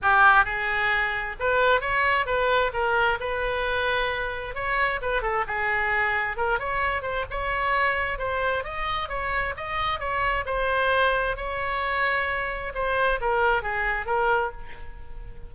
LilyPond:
\new Staff \with { instrumentName = "oboe" } { \time 4/4 \tempo 4 = 132 g'4 gis'2 b'4 | cis''4 b'4 ais'4 b'4~ | b'2 cis''4 b'8 a'8 | gis'2 ais'8 cis''4 c''8 |
cis''2 c''4 dis''4 | cis''4 dis''4 cis''4 c''4~ | c''4 cis''2. | c''4 ais'4 gis'4 ais'4 | }